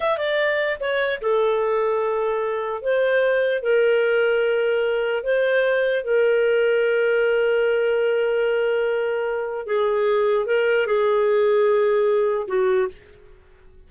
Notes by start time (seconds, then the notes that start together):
0.00 E5
0.17 D5
0.80 C#5
1.21 A4
2.82 C5
3.62 A#4
5.23 C5
6.03 A#4
9.66 G#4
10.46 A#4
10.86 G#4
12.47 F#4